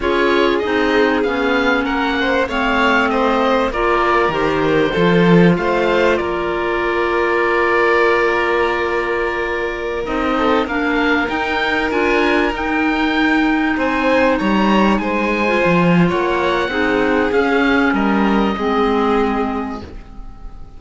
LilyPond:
<<
  \new Staff \with { instrumentName = "oboe" } { \time 4/4 \tempo 4 = 97 cis''4 dis''4 f''4 fis''4 | f''4 dis''4 d''4 c''4~ | c''4 f''4 d''2~ | d''1~ |
d''16 dis''4 f''4 g''4 gis''8.~ | gis''16 g''2 gis''4 ais''8.~ | ais''16 gis''4.~ gis''16 fis''2 | f''4 dis''2. | }
  \new Staff \with { instrumentName = "violin" } { \time 4/4 gis'2. ais'8 c''8 | cis''4 c''4 ais'2 | a'4 c''4 ais'2~ | ais'1~ |
ais'8. a'8 ais'2~ ais'8.~ | ais'2~ ais'16 c''4 cis''8.~ | cis''16 c''4.~ c''16 cis''4 gis'4~ | gis'4 ais'4 gis'2 | }
  \new Staff \with { instrumentName = "clarinet" } { \time 4/4 f'4 dis'4 cis'2 | c'2 f'4 g'4 | f'1~ | f'1~ |
f'16 dis'4 d'4 dis'4 f'8.~ | f'16 dis'2.~ dis'8.~ | dis'4 f'2 dis'4 | cis'2 c'2 | }
  \new Staff \with { instrumentName = "cello" } { \time 4/4 cis'4 c'4 b4 ais4 | a2 ais4 dis4 | f4 a4 ais2~ | ais1~ |
ais16 c'4 ais4 dis'4 d'8.~ | d'16 dis'2 c'4 g8.~ | g16 gis4 f8. ais4 c'4 | cis'4 g4 gis2 | }
>>